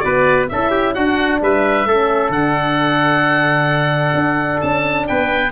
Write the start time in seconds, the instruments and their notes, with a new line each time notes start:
0.00 tuba B3, horn F#4, trumpet B4, oboe D5
0.49 tuba C#4, horn E4, trumpet A4, oboe E5
0.71 trumpet G4
0.94 tuba D4, horn D4, trumpet F#4, oboe F#5
1.42 tuba G3, trumpet B4, oboe E5
1.86 tuba A3, horn C#4, trumpet A4
2.30 tuba D3, horn D4, oboe F#5
4.15 tuba D4
4.61 tuba C#4, oboe A5
5.08 tuba B3, trumpet B4, oboe G5